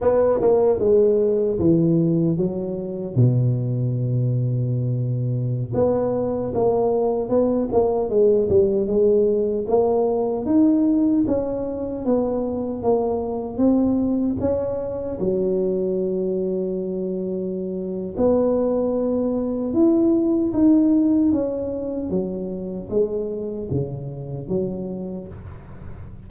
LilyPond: \new Staff \with { instrumentName = "tuba" } { \time 4/4 \tempo 4 = 76 b8 ais8 gis4 e4 fis4 | b,2.~ b,16 b8.~ | b16 ais4 b8 ais8 gis8 g8 gis8.~ | gis16 ais4 dis'4 cis'4 b8.~ |
b16 ais4 c'4 cis'4 fis8.~ | fis2. b4~ | b4 e'4 dis'4 cis'4 | fis4 gis4 cis4 fis4 | }